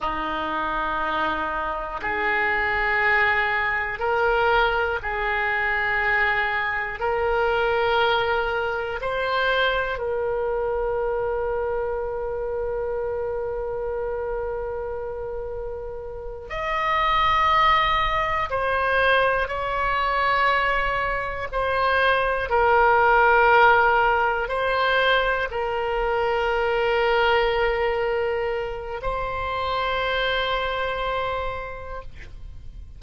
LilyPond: \new Staff \with { instrumentName = "oboe" } { \time 4/4 \tempo 4 = 60 dis'2 gis'2 | ais'4 gis'2 ais'4~ | ais'4 c''4 ais'2~ | ais'1~ |
ais'8 dis''2 c''4 cis''8~ | cis''4. c''4 ais'4.~ | ais'8 c''4 ais'2~ ais'8~ | ais'4 c''2. | }